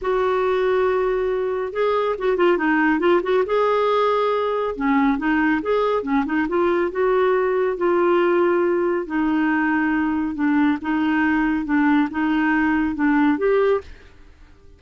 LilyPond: \new Staff \with { instrumentName = "clarinet" } { \time 4/4 \tempo 4 = 139 fis'1 | gis'4 fis'8 f'8 dis'4 f'8 fis'8 | gis'2. cis'4 | dis'4 gis'4 cis'8 dis'8 f'4 |
fis'2 f'2~ | f'4 dis'2. | d'4 dis'2 d'4 | dis'2 d'4 g'4 | }